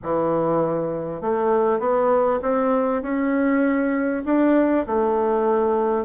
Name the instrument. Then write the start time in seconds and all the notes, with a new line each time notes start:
bassoon
0.02 E3
1.21 A3
1.79 B3
2.42 C4
3.02 C#4
4.25 D4
4.86 A3